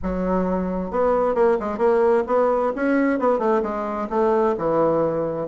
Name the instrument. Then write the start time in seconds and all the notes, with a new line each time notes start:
bassoon
0.02 F#3
0.90 B3
1.35 A#3
1.59 G#3
1.78 A#3
2.26 B3
2.75 C#4
3.19 B3
3.38 A3
3.62 G#3
4.09 A3
4.58 E3